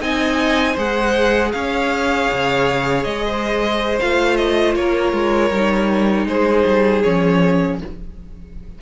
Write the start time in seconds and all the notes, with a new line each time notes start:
0.00 C4 D#4 D#5 G#5
0.73 G#3 G#4 C5
0.79 F#5
1.52 C#4 C#5 F5
2.31 C#3
3.04 G#3 D#5
3.27 C5
4.00 A3 F4 F5
4.37 D#5
4.75 A#3 A#4 C#5
5.13 G#3
5.50 G3 D#4
6.26 G#3 G#4 C5
6.66 G3
7.02 F3 C#4 C#5